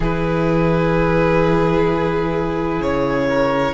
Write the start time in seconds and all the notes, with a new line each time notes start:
0.00 E3 E4 G#4 B4
2.80 C#3 C#5
3.28 A#4